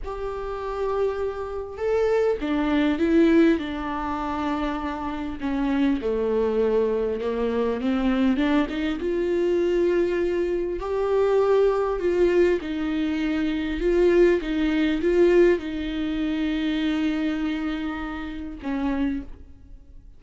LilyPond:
\new Staff \with { instrumentName = "viola" } { \time 4/4 \tempo 4 = 100 g'2. a'4 | d'4 e'4 d'2~ | d'4 cis'4 a2 | ais4 c'4 d'8 dis'8 f'4~ |
f'2 g'2 | f'4 dis'2 f'4 | dis'4 f'4 dis'2~ | dis'2. cis'4 | }